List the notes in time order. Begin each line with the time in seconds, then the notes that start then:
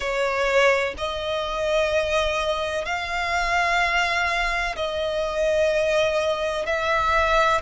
0.00 C#5
0.97 D#5
2.85 F5
4.76 D#5
6.65 E5